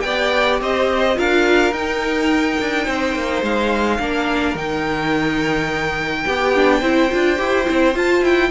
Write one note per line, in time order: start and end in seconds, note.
0.00 0.60 B3
0.00 1.15 G4
0.00 0.60 D5
0.00 0.57 G5
0.60 1.17 C4
0.60 1.17 C5
0.60 1.18 D#5
1.15 1.72 D4
1.15 1.71 F4
1.15 2.84 A#4
1.15 1.73 F5
1.72 2.56 D#4
1.72 4.00 D#4
1.72 3.43 G5
2.60 2.87 D4
2.84 3.15 C4
2.84 3.98 C5
3.15 3.42 A#3
3.42 3.99 G#3
3.42 4.57 F5
3.99 4.54 A#3
3.99 4.56 D4
3.99 6.25 A#4
4.54 6.24 D#3
4.54 6.26 D#4
4.54 7.96 G5
6.25 6.82 B3
6.25 6.79 G4
6.25 6.55 G4
6.55 6.81 D4
6.79 7.10 C4
6.79 7.10 E4
6.79 8.48 C5
7.10 7.39 D4
7.10 7.36 F4
7.36 7.67 E4
7.36 7.65 G4
7.65 7.95 C4
7.65 7.93 E4
7.95 8.22 F4
7.95 8.50 F4
7.95 8.23 A5
8.22 8.50 E4
8.22 8.50 G5